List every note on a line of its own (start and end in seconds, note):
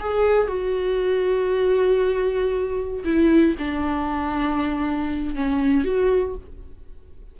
0.00 0.47 G#4
0.47 3.04 F#4
3.04 3.55 E4
3.59 5.35 D4
5.35 5.84 C#4
5.84 6.35 F#4